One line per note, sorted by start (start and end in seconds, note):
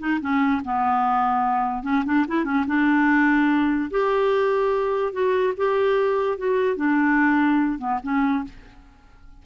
0.00 0.21 D#4
0.21 0.62 C#4
0.65 1.83 B3
1.83 2.04 C#4
2.06 2.26 D4
2.28 2.45 E4
2.45 2.65 C#4
2.67 3.91 D4
3.91 5.13 G4
5.13 5.54 F#4
5.57 6.38 G4
6.38 6.77 F#4
6.77 7.79 D4
7.79 8.00 B3
8.04 8.45 C#4